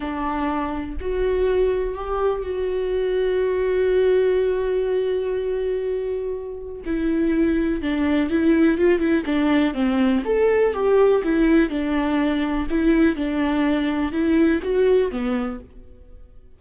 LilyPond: \new Staff \with { instrumentName = "viola" } { \time 4/4 \tempo 4 = 123 d'2 fis'2 | g'4 fis'2.~ | fis'1~ | fis'2 e'2 |
d'4 e'4 f'8 e'8 d'4 | c'4 a'4 g'4 e'4 | d'2 e'4 d'4~ | d'4 e'4 fis'4 b4 | }